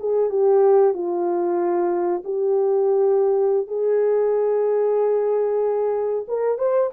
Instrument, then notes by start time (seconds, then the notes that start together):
horn
0.00 G#4
0.30 G4
0.94 F4
2.24 G4
3.68 G#4
6.28 A#4
6.58 C5